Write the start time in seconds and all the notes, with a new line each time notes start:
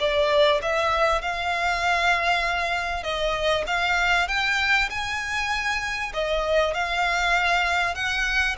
0.00 D5
0.63 E5
1.22 F5
3.04 D#5
3.67 F5
4.29 G5
4.90 G#5
6.14 D#5
6.75 F5
7.95 F#5